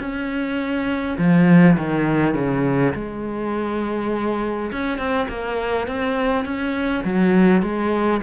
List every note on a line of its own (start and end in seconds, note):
0.00 1.18 C#4
1.18 1.77 F3
1.78 2.35 D#3
2.35 2.94 C#3
2.95 4.72 G#3
4.72 4.98 C#4
4.98 5.28 C4
5.29 5.88 A#3
5.88 6.45 C4
6.45 7.04 C#4
7.04 7.63 F#3
7.63 8.21 G#3